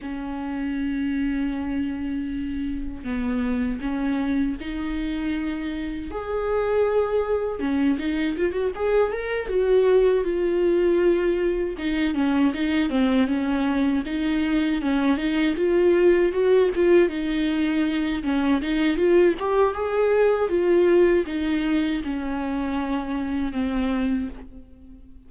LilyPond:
\new Staff \with { instrumentName = "viola" } { \time 4/4 \tempo 4 = 79 cis'1 | b4 cis'4 dis'2 | gis'2 cis'8 dis'8 f'16 fis'16 gis'8 | ais'8 fis'4 f'2 dis'8 |
cis'8 dis'8 c'8 cis'4 dis'4 cis'8 | dis'8 f'4 fis'8 f'8 dis'4. | cis'8 dis'8 f'8 g'8 gis'4 f'4 | dis'4 cis'2 c'4 | }